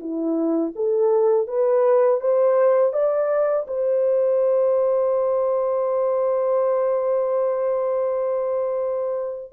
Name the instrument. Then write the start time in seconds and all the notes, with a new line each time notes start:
horn
0.00 E4
0.76 A4
1.48 B4
2.21 C5
2.93 D5
3.68 C5